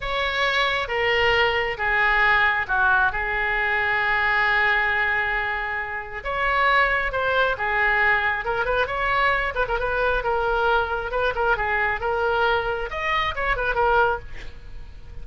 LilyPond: \new Staff \with { instrumentName = "oboe" } { \time 4/4 \tempo 4 = 135 cis''2 ais'2 | gis'2 fis'4 gis'4~ | gis'1~ | gis'2 cis''2 |
c''4 gis'2 ais'8 b'8 | cis''4. b'16 ais'16 b'4 ais'4~ | ais'4 b'8 ais'8 gis'4 ais'4~ | ais'4 dis''4 cis''8 b'8 ais'4 | }